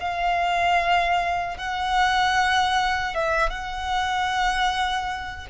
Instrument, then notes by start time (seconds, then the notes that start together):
violin
0.00 F5
1.58 F#5
3.15 E5
3.50 F#5